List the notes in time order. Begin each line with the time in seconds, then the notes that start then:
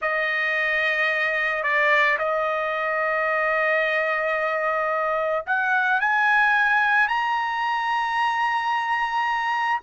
0.01 D#5
1.63 D5
2.18 D#5
5.46 F#5
6.00 G#5
7.08 A#5